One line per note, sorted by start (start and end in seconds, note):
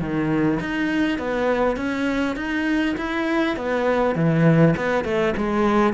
0.00 0.59 D#3
0.60 1.19 D#4
1.19 1.77 B3
1.77 2.36 C#4
2.36 2.95 D#4
2.97 3.56 E4
3.56 4.16 B3
4.16 4.75 E3
4.77 5.04 B3
5.04 5.34 A3
5.37 5.94 G#3